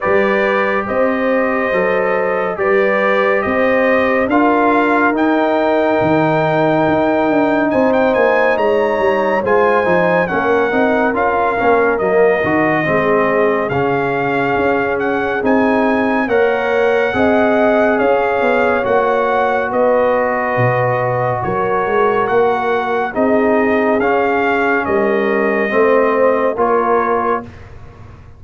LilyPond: <<
  \new Staff \with { instrumentName = "trumpet" } { \time 4/4 \tempo 4 = 70 d''4 dis''2 d''4 | dis''4 f''4 g''2~ | g''4 gis''16 g''16 gis''8 ais''4 gis''4 | fis''4 f''4 dis''2 |
f''4. fis''8 gis''4 fis''4~ | fis''4 f''4 fis''4 dis''4~ | dis''4 cis''4 fis''4 dis''4 | f''4 dis''2 cis''4 | }
  \new Staff \with { instrumentName = "horn" } { \time 4/4 b'4 c''2 b'4 | c''4 ais'2.~ | ais'4 c''4 cis''4 c''4 | ais'2. gis'4~ |
gis'2. cis''4 | dis''4 cis''2 b'4~ | b'4 ais'2 gis'4~ | gis'4 ais'4 c''4 ais'4 | }
  \new Staff \with { instrumentName = "trombone" } { \time 4/4 g'2 a'4 g'4~ | g'4 f'4 dis'2~ | dis'2. f'8 dis'8 | cis'8 dis'8 f'8 cis'8 ais8 fis'8 c'4 |
cis'2 dis'4 ais'4 | gis'2 fis'2~ | fis'2. dis'4 | cis'2 c'4 f'4 | }
  \new Staff \with { instrumentName = "tuba" } { \time 4/4 g4 c'4 fis4 g4 | c'4 d'4 dis'4 dis4 | dis'8 d'8 c'8 ais8 gis8 g8 gis8 f8 | ais8 c'8 cis'8 ais8 fis8 dis8 gis4 |
cis4 cis'4 c'4 ais4 | c'4 cis'8 b8 ais4 b4 | b,4 fis8 gis8 ais4 c'4 | cis'4 g4 a4 ais4 | }
>>